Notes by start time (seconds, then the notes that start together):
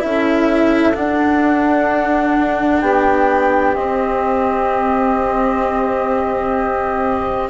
0.00 C#4 E4 A4 E5
0.95 D4 F#5
2.82 B3 G4 G5
3.75 C4 D#5